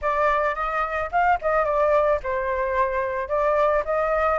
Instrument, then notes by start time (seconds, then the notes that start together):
flute
0.01 D5
0.55 D#5
1.11 F5
1.41 D#5
1.64 D5
2.23 C5
3.28 D5
3.84 D#5